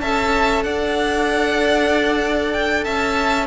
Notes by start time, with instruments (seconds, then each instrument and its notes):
0.00 cello C#4, viola A4, violin E5 A5
0.63 cello D4, violin D5 F#5
2.52 violin G5
2.84 cello C#4, violin E5 A5